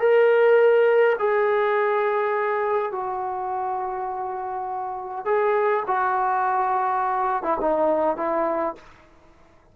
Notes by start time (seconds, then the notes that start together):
0.00 A#4
1.19 G#4
2.92 F#4
5.25 G#4
5.87 F#4
7.43 E4
7.61 D#4
8.17 E4